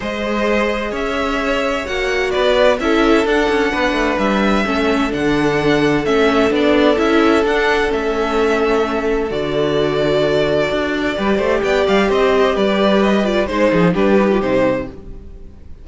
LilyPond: <<
  \new Staff \with { instrumentName = "violin" } { \time 4/4 \tempo 4 = 129 dis''2 e''2 | fis''4 d''4 e''4 fis''4~ | fis''4 e''2 fis''4~ | fis''4 e''4 d''4 e''4 |
fis''4 e''2. | d''1~ | d''4 g''8 f''8 dis''4 d''4 | dis''8 d''8 c''4 b'4 c''4 | }
  \new Staff \with { instrumentName = "violin" } { \time 4/4 c''2 cis''2~ | cis''4 b'4 a'2 | b'2 a'2~ | a'1~ |
a'1~ | a'1 | b'8 c''8 d''4 c''4 b'4~ | b'4 c''8 gis'8 g'2 | }
  \new Staff \with { instrumentName = "viola" } { \time 4/4 gis'1 | fis'2 e'4 d'4~ | d'2 cis'4 d'4~ | d'4 cis'4 d'4 e'4 |
d'4 cis'2. | fis'1 | g'1~ | g'8 f'8 dis'4 d'8 dis'16 f'16 dis'4 | }
  \new Staff \with { instrumentName = "cello" } { \time 4/4 gis2 cis'2 | ais4 b4 cis'4 d'8 cis'8 | b8 a8 g4 a4 d4~ | d4 a4 b4 cis'4 |
d'4 a2. | d2. d'4 | g8 a8 b8 g8 c'4 g4~ | g4 gis8 f8 g4 c4 | }
>>